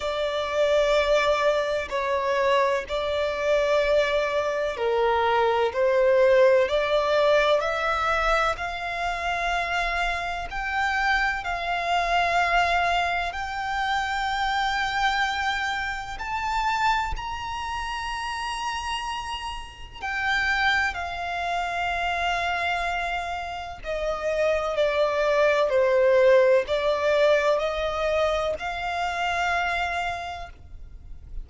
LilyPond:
\new Staff \with { instrumentName = "violin" } { \time 4/4 \tempo 4 = 63 d''2 cis''4 d''4~ | d''4 ais'4 c''4 d''4 | e''4 f''2 g''4 | f''2 g''2~ |
g''4 a''4 ais''2~ | ais''4 g''4 f''2~ | f''4 dis''4 d''4 c''4 | d''4 dis''4 f''2 | }